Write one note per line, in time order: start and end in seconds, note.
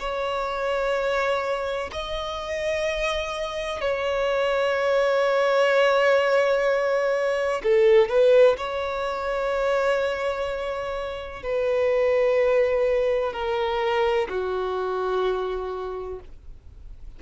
0.00 1.90 C#5
1.92 3.81 D#5
3.81 7.62 C#5
7.63 8.09 A4
8.09 8.57 B4
8.58 11.43 C#5
11.43 13.33 B4
13.33 14.29 A#4
14.29 16.20 F#4